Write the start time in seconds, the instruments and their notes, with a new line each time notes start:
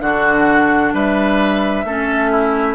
0.00 bassoon D3, clarinet D4, oboe F#4, flute F#5
0.93 bassoon G3, oboe B4, flute E5
1.84 bassoon A3, clarinet C#4, oboe A4
2.31 oboe E4